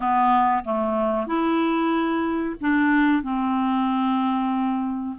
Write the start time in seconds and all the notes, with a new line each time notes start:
0.00 B3
0.64 A3
1.26 E4
2.60 D4
3.23 C4